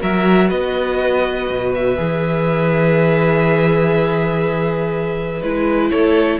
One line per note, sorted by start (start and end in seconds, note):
0.00 0.51 F#3
0.00 1.97 F#4
0.00 0.48 A#4
0.00 0.50 E5
0.48 1.49 B3
0.48 5.89 B4
0.48 1.73 D#5
1.50 1.98 B2
1.75 5.42 E5
1.97 5.42 E3
1.97 5.41 G#4
5.42 5.91 G#3
5.42 6.40 E4
5.42 5.90 B4
5.90 6.40 A3
5.90 6.40 A4
5.90 6.39 C#5